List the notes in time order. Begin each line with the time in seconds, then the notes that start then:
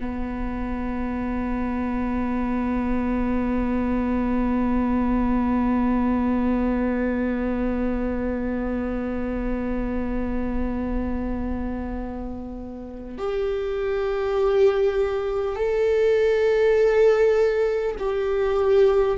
0.00 B3
13.18 G4
15.56 A4
17.99 G4